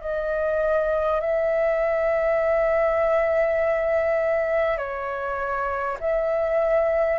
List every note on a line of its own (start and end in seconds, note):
0.00 1.20 D#5
1.20 4.77 E5
4.77 5.97 C#5
5.99 7.18 E5